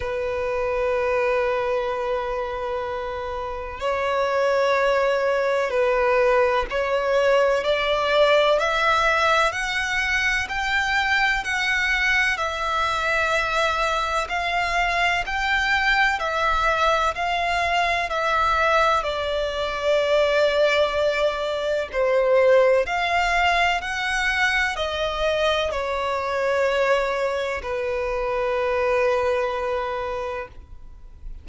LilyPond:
\new Staff \with { instrumentName = "violin" } { \time 4/4 \tempo 4 = 63 b'1 | cis''2 b'4 cis''4 | d''4 e''4 fis''4 g''4 | fis''4 e''2 f''4 |
g''4 e''4 f''4 e''4 | d''2. c''4 | f''4 fis''4 dis''4 cis''4~ | cis''4 b'2. | }